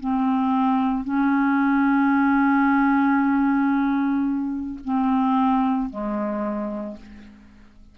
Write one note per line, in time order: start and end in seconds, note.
0.00 1.04 C4
1.04 4.79 C#4
4.84 5.90 C4
5.90 6.97 G#3